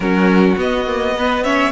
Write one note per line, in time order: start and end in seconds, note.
0.00 0.54 F#3
0.00 0.57 C#4
0.00 1.15 F#4
0.00 0.56 A#4
0.57 0.85 B3
0.57 1.72 B3
0.57 1.43 D#5
0.86 1.15 A#3
1.16 1.44 B3
1.16 1.44 B4
1.43 1.72 C#4
1.43 1.72 C#5
1.43 1.72 E5